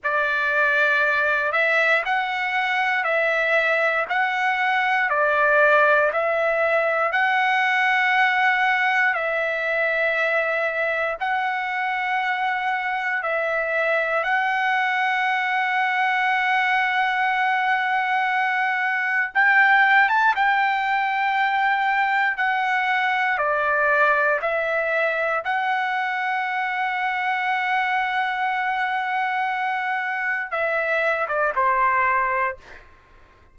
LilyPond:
\new Staff \with { instrumentName = "trumpet" } { \time 4/4 \tempo 4 = 59 d''4. e''8 fis''4 e''4 | fis''4 d''4 e''4 fis''4~ | fis''4 e''2 fis''4~ | fis''4 e''4 fis''2~ |
fis''2. g''8. a''16 | g''2 fis''4 d''4 | e''4 fis''2.~ | fis''2 e''8. d''16 c''4 | }